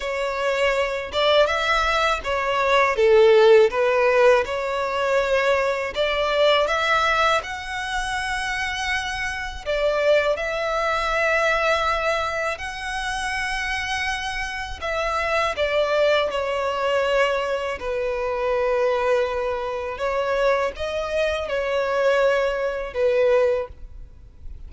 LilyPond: \new Staff \with { instrumentName = "violin" } { \time 4/4 \tempo 4 = 81 cis''4. d''8 e''4 cis''4 | a'4 b'4 cis''2 | d''4 e''4 fis''2~ | fis''4 d''4 e''2~ |
e''4 fis''2. | e''4 d''4 cis''2 | b'2. cis''4 | dis''4 cis''2 b'4 | }